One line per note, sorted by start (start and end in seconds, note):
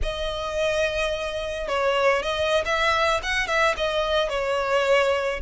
0.02 1.68 D#5
1.68 2.22 C#5
2.22 2.64 D#5
2.65 3.20 E5
3.22 3.47 F#5
3.47 3.74 E5
3.76 4.29 D#5
4.29 5.40 C#5